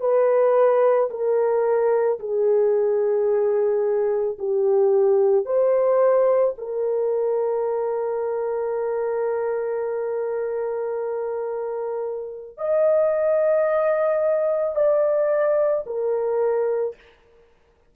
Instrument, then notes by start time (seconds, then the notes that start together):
horn
0.00 B4
1.10 A#4
2.19 G#4
4.38 G4
5.45 C5
6.58 A#4
12.57 D#5
14.75 D5
15.86 A#4